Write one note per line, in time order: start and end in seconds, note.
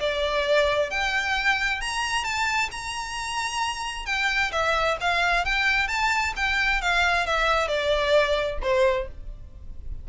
0.00 0.90 D5
0.90 1.81 G5
1.81 2.24 A#5
2.24 2.70 A5
2.72 4.06 A#5
4.06 4.51 G5
4.52 4.98 E5
5.01 5.45 F5
5.45 5.88 G5
5.88 6.33 A5
6.36 6.82 G5
6.82 7.26 F5
7.26 7.68 E5
7.68 8.59 D5
8.62 9.08 C5